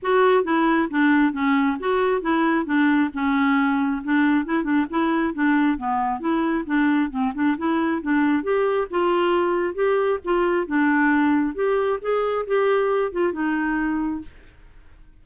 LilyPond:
\new Staff \with { instrumentName = "clarinet" } { \time 4/4 \tempo 4 = 135 fis'4 e'4 d'4 cis'4 | fis'4 e'4 d'4 cis'4~ | cis'4 d'4 e'8 d'8 e'4 | d'4 b4 e'4 d'4 |
c'8 d'8 e'4 d'4 g'4 | f'2 g'4 f'4 | d'2 g'4 gis'4 | g'4. f'8 dis'2 | }